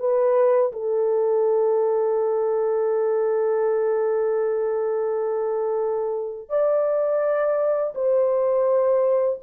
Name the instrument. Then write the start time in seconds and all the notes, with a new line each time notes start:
horn
0.00 B4
0.73 A4
6.50 D5
7.95 C5